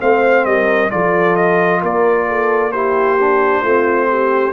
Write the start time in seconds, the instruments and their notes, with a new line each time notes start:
0.00 tuba A3, trombone C4, horn C5, trumpet F5
0.45 tuba G3, horn A#4, trumpet D#5
0.91 tuba F3, trombone F4, horn A4, trumpet D5
1.36 trumpet D#5
1.82 tuba A#3, horn A#4, trumpet D5
2.28 horn A4
2.72 trombone E4, horn G4, trumpet C5
3.20 trombone D4
3.62 tuba A3, trombone C4, horn F4
4.09 horn G4